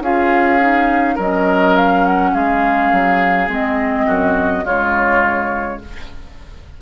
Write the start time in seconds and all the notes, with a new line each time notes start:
0.00 C#4 F4 G#4 F5
0.60 D#4
1.14 F#3 C#4 A#4 D#5
1.76 F5
2.05 F#5
2.33 G#3 G#4 F5
2.91 F#3
3.47 G#3 C4 D#5
4.06 F#2 F#4
4.63 C#3 G#3 F4 C#5